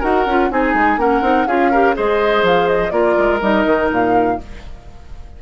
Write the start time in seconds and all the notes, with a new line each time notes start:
0.00 D#4 F#4 A#4 F#5
0.26 C#4 F4
0.51 C4 D#4 G#4 G#5
0.74 G#3
0.97 A#3 C#4 A#4 F#5
1.22 C4 D#4
1.47 C#4 F4 G#4 F5
1.71 G4 A#4
1.94 G#3 G#4 C5 D#5
2.43 F3 F5
2.68 D#5
2.90 A#3 F4 A#4 D5
3.18 G#3
3.41 G3 D#4 D#5
3.66 D#3
3.91 A#2 F5